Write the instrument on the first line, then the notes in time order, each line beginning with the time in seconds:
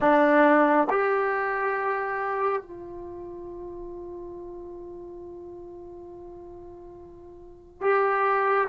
trombone
0.00 D4
0.90 G4
2.62 F4
7.81 G4